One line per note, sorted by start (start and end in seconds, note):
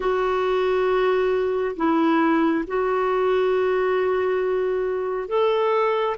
0.00 1.76 F#4
1.76 2.64 E4
2.67 5.28 F#4
5.28 6.16 A4